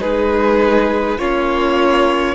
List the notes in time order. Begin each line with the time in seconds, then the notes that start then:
0.00 G#3 D#4 G#4 B4
1.19 A#3 C#4 F4 C#5